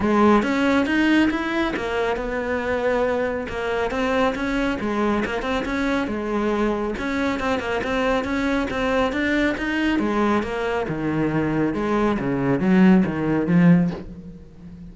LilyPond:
\new Staff \with { instrumentName = "cello" } { \time 4/4 \tempo 4 = 138 gis4 cis'4 dis'4 e'4 | ais4 b2. | ais4 c'4 cis'4 gis4 | ais8 c'8 cis'4 gis2 |
cis'4 c'8 ais8 c'4 cis'4 | c'4 d'4 dis'4 gis4 | ais4 dis2 gis4 | cis4 fis4 dis4 f4 | }